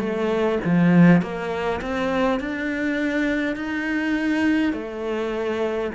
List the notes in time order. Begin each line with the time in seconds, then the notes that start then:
0.00 A3
0.65 F3
1.22 A#3
1.82 C4
2.40 D4
3.56 D#4
4.74 A3